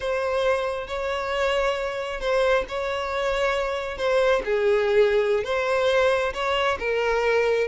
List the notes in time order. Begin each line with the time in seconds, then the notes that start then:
0.00 C5
0.87 C#5
2.20 C5
2.68 C#5
3.97 C5
4.44 G#4
5.44 C5
6.33 C#5
6.79 A#4